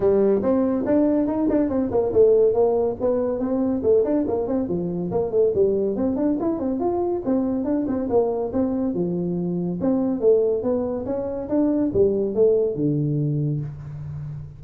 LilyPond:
\new Staff \with { instrumentName = "tuba" } { \time 4/4 \tempo 4 = 141 g4 c'4 d'4 dis'8 d'8 | c'8 ais8 a4 ais4 b4 | c'4 a8 d'8 ais8 c'8 f4 | ais8 a8 g4 c'8 d'8 e'8 c'8 |
f'4 c'4 d'8 c'8 ais4 | c'4 f2 c'4 | a4 b4 cis'4 d'4 | g4 a4 d2 | }